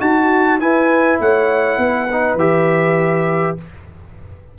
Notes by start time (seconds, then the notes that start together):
0.00 D#4 F#4 A5
0.60 E4 B4 G#5
1.20 A3 C#5 F#5
1.78 B3 B4
2.12 D#4
2.35 E3 G4 E5